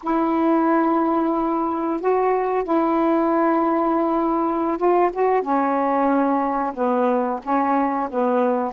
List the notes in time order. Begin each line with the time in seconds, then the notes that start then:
0.02 E4
2.00 F#4
2.63 E4
4.77 F4
5.12 F#4
5.42 C#4
6.74 B3
7.43 C#4
8.10 B3